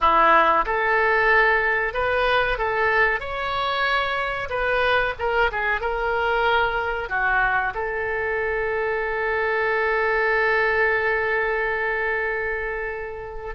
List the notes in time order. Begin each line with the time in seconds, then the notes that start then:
0.00 E4
0.65 A4
1.93 B4
2.58 A4
3.19 C#5
4.49 B4
5.18 A#4
5.51 G#4
5.81 A#4
7.09 F#4
7.74 A4